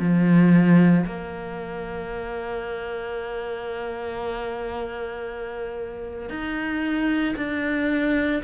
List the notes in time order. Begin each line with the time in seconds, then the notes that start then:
0.00 F3
1.06 A#3
6.30 D#4
7.37 D4